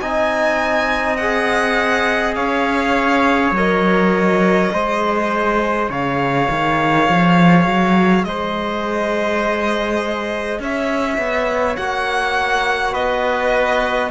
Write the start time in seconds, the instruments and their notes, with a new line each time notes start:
0.00 cello C4, trombone D#4, trumpet D#5, violin G#5
1.16 trombone G#4, violin F#5
2.35 cello C#4, trumpet C#5, violin F5
3.51 cello F#3, trombone A#4, violin D#5
4.70 cello G#3, trombone G#4, trumpet C5
5.89 cello C#3, trumpet C#5, violin F5
6.50 cello D#3
7.09 cello F3
7.66 cello F#3
8.24 cello G#3, trumpet C5, violin D#5
10.59 cello C#4, trumpet C#5, violin E5
11.18 cello B3
11.76 cello A#3, trombone F#4, violin F#5
12.93 cello B3, trumpet B4, violin D#5